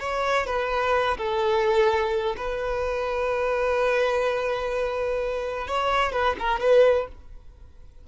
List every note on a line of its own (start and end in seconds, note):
0.00 0.47 C#5
0.47 1.17 B4
1.18 2.36 A4
2.37 5.68 B4
5.68 6.13 C#5
6.13 6.36 B4
6.39 6.60 A#4
6.60 7.08 B4